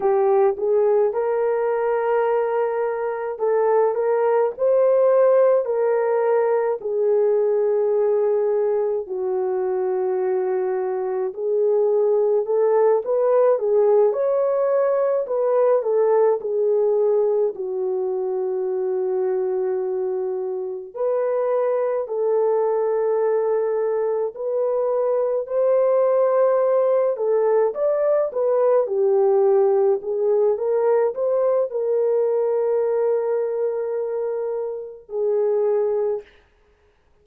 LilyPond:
\new Staff \with { instrumentName = "horn" } { \time 4/4 \tempo 4 = 53 g'8 gis'8 ais'2 a'8 ais'8 | c''4 ais'4 gis'2 | fis'2 gis'4 a'8 b'8 | gis'8 cis''4 b'8 a'8 gis'4 fis'8~ |
fis'2~ fis'8 b'4 a'8~ | a'4. b'4 c''4. | a'8 d''8 b'8 g'4 gis'8 ais'8 c''8 | ais'2. gis'4 | }